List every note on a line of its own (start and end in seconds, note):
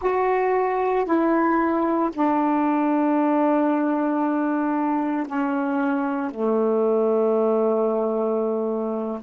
0.01 1.05 F#4
1.05 2.10 E4
2.13 5.26 D4
5.26 6.30 C#4
6.30 9.20 A3